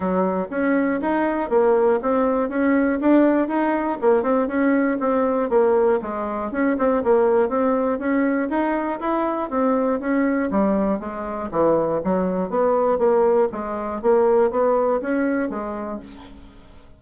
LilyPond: \new Staff \with { instrumentName = "bassoon" } { \time 4/4 \tempo 4 = 120 fis4 cis'4 dis'4 ais4 | c'4 cis'4 d'4 dis'4 | ais8 c'8 cis'4 c'4 ais4 | gis4 cis'8 c'8 ais4 c'4 |
cis'4 dis'4 e'4 c'4 | cis'4 g4 gis4 e4 | fis4 b4 ais4 gis4 | ais4 b4 cis'4 gis4 | }